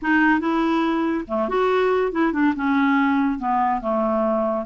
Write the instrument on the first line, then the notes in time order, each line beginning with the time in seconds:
clarinet
0.02 D#4
0.40 E4
1.27 A3
1.48 F#4
2.12 E4
2.32 D4
2.55 C#4
3.39 B3
3.81 A3